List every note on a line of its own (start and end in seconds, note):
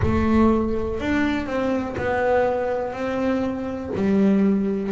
0.02 1.00 A3
1.00 1.46 D4
1.46 1.95 C4
1.97 2.92 B3
2.92 3.91 C4
3.95 4.92 G3